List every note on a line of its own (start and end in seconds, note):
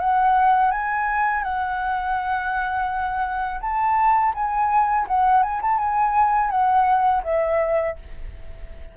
0.00 0.72 F#5
0.72 1.44 G#5
1.44 3.61 F#5
3.61 4.33 A5
4.35 5.07 G#5
5.08 5.43 F#5
5.43 5.61 G#5
5.62 5.79 A5
5.79 6.51 G#5
6.51 7.23 F#5
7.24 7.96 E5